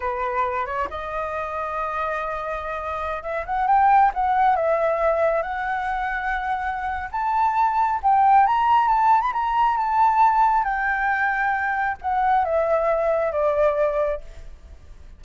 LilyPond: \new Staff \with { instrumentName = "flute" } { \time 4/4 \tempo 4 = 135 b'4. cis''8 dis''2~ | dis''2.~ dis''16 e''8 fis''16~ | fis''16 g''4 fis''4 e''4.~ e''16~ | e''16 fis''2.~ fis''8. |
a''2 g''4 ais''4 | a''8. b''16 ais''4 a''2 | g''2. fis''4 | e''2 d''2 | }